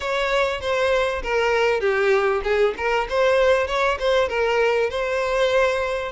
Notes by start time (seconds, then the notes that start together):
0.00 C#5
0.61 C5
1.22 A#4
1.80 G4
2.43 G#4
2.77 A#4
3.09 C5
3.67 C#5
3.99 C5
4.28 A#4
4.90 C5